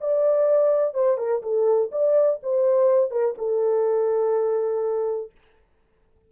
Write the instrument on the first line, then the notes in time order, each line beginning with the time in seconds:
horn
0.00 D5
0.94 C5
1.17 A#4
1.42 A4
1.91 D5
2.43 C5
3.10 A#4
3.38 A4